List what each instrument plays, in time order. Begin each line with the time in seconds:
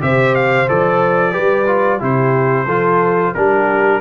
0.00 tuba C3, trombone G4, horn C5, trumpet E5
0.35 trumpet F5
0.68 tuba F3, trombone A4, trumpet D5
1.32 tuba G3, trombone G4, horn B4
1.67 trombone F4
1.99 tuba C3, trombone E4, horn G4, trumpet C5
2.66 tuba F3, trombone F4, horn A4
3.33 tuba G3, trombone D4, horn G4, trumpet A#4